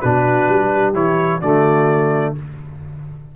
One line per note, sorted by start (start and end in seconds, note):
0.00 0.48 B2
0.00 0.94 D4
0.00 0.71 F#4
0.00 0.94 B4
0.48 0.93 G3
0.72 1.41 G4
0.93 1.40 E3
0.93 1.40 E4
0.93 1.41 C#5
1.41 2.35 D3
1.41 2.35 A3
1.41 2.34 F#4
1.41 2.35 D5